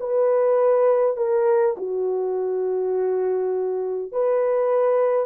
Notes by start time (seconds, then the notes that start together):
0.00 B4
1.17 A#4
1.77 F#4
4.12 B4